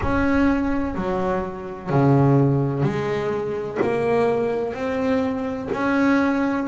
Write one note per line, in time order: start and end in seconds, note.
0.02 0.94 C#4
0.94 1.89 F#3
1.89 2.83 C#3
2.83 3.78 G#3
3.81 4.74 A#3
4.74 5.69 C4
5.73 6.67 C#4